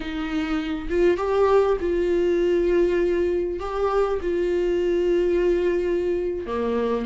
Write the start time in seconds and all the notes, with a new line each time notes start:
0.00 D#4
0.89 F4
1.17 G4
1.80 F4
3.59 G4
4.21 F4
6.46 A#3